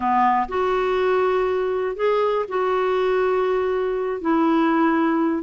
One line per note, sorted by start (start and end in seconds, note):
0.00 0.47 B3
0.48 1.95 F#4
1.95 2.45 G#4
2.48 4.21 F#4
4.21 5.43 E4